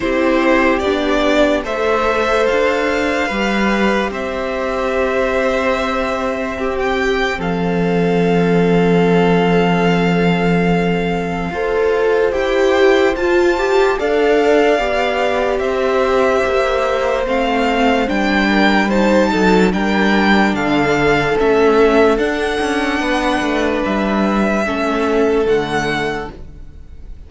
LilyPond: <<
  \new Staff \with { instrumentName = "violin" } { \time 4/4 \tempo 4 = 73 c''4 d''4 e''4 f''4~ | f''4 e''2.~ | e''16 g''8. f''2.~ | f''2. g''4 |
a''4 f''2 e''4~ | e''4 f''4 g''4 a''4 | g''4 f''4 e''4 fis''4~ | fis''4 e''2 fis''4 | }
  \new Staff \with { instrumentName = "violin" } { \time 4/4 g'2 c''2 | b'4 c''2. | g'4 a'2.~ | a'2 c''2~ |
c''4 d''2 c''4~ | c''2~ c''8 ais'8 c''8 a'8 | ais'4 a'2. | b'2 a'2 | }
  \new Staff \with { instrumentName = "viola" } { \time 4/4 e'4 d'4 a'2 | g'1 | c'1~ | c'2 a'4 g'4 |
f'8 g'8 a'4 g'2~ | g'4 c'4 d'4 dis'4 | d'2 cis'4 d'4~ | d'2 cis'4 a4 | }
  \new Staff \with { instrumentName = "cello" } { \time 4/4 c'4 b4 a4 d'4 | g4 c'2.~ | c'4 f2.~ | f2 f'4 e'4 |
f'4 d'4 b4 c'4 | ais4 a4 g4. fis8 | g4 d4 a4 d'8 cis'8 | b8 a8 g4 a4 d4 | }
>>